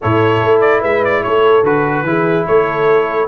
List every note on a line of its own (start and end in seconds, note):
0.01 0.42 A2
0.01 1.64 E4
0.01 0.80 A4
0.01 0.60 C#5
0.42 0.83 A3
0.60 0.81 D5
0.80 1.24 G#3
0.80 1.21 B4
0.80 1.04 E5
1.04 1.23 D5
1.23 1.63 A3
1.23 2.07 A4
1.23 1.64 C#5
1.63 2.03 D3
1.63 2.05 F#4
1.63 2.46 B4
2.03 2.44 E3
2.03 3.28 E4
2.03 2.46 G#4
2.46 3.28 A3
2.46 3.28 A4
2.46 3.28 C#5